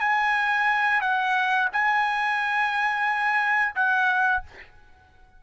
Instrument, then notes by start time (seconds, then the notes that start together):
trumpet
0.00 G#5
1.01 F#5
1.73 G#5
3.75 F#5